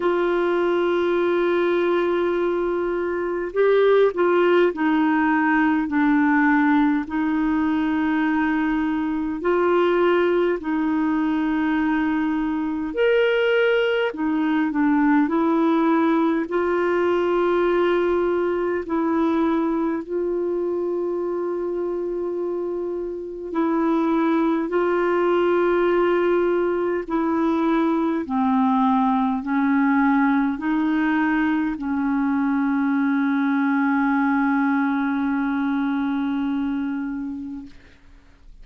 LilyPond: \new Staff \with { instrumentName = "clarinet" } { \time 4/4 \tempo 4 = 51 f'2. g'8 f'8 | dis'4 d'4 dis'2 | f'4 dis'2 ais'4 | dis'8 d'8 e'4 f'2 |
e'4 f'2. | e'4 f'2 e'4 | c'4 cis'4 dis'4 cis'4~ | cis'1 | }